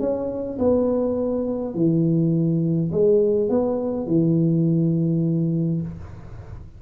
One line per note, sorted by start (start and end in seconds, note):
0.00 0.58 C#4
0.59 1.75 B3
1.75 2.91 E3
2.92 3.50 G#3
3.50 4.07 B3
4.07 5.82 E3